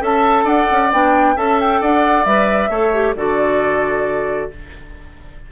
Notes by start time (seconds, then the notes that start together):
0.00 C#4 A4 E5 A5
0.44 D4 D5 F#5
0.71 C#4
0.92 B3 D4 G5
1.36 C#4 A4 E5 A5
1.60 G5
1.81 D4 D5 F#5
2.24 G3 B4 E5
2.69 A3 A4 C#5
2.93 G4
3.15 D3 F#4 A4 D5